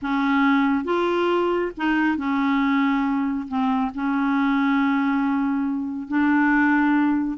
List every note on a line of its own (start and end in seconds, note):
0.02 0.84 C#4
0.84 1.71 F4
1.77 2.17 D#4
2.17 3.47 C#4
3.48 3.91 C4
3.94 6.08 C#4
6.08 7.38 D4